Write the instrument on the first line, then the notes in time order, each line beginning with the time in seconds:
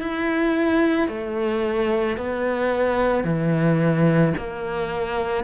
cello
0.00 E4
1.08 A3
2.17 B3
3.24 E3
4.37 A#3